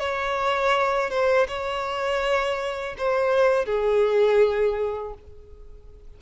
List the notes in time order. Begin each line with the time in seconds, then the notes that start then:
0.00 C#5
1.10 C5
1.48 C#5
2.98 C5
3.66 G#4